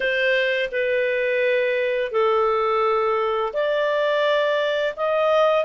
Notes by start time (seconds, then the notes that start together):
0.00 C5
0.71 B4
2.11 A4
3.53 D5
4.96 D#5